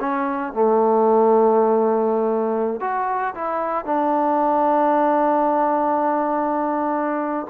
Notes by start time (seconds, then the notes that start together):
0.00 C#4
0.53 A3
2.81 F#4
3.35 E4
3.85 D4